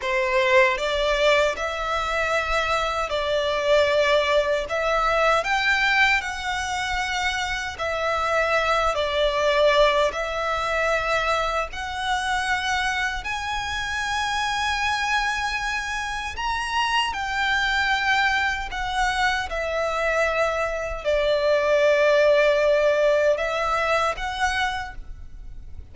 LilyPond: \new Staff \with { instrumentName = "violin" } { \time 4/4 \tempo 4 = 77 c''4 d''4 e''2 | d''2 e''4 g''4 | fis''2 e''4. d''8~ | d''4 e''2 fis''4~ |
fis''4 gis''2.~ | gis''4 ais''4 g''2 | fis''4 e''2 d''4~ | d''2 e''4 fis''4 | }